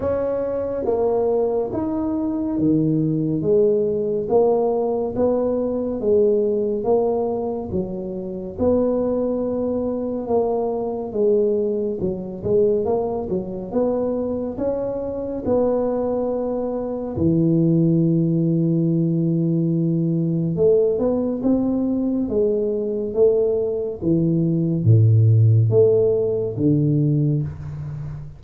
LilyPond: \new Staff \with { instrumentName = "tuba" } { \time 4/4 \tempo 4 = 70 cis'4 ais4 dis'4 dis4 | gis4 ais4 b4 gis4 | ais4 fis4 b2 | ais4 gis4 fis8 gis8 ais8 fis8 |
b4 cis'4 b2 | e1 | a8 b8 c'4 gis4 a4 | e4 a,4 a4 d4 | }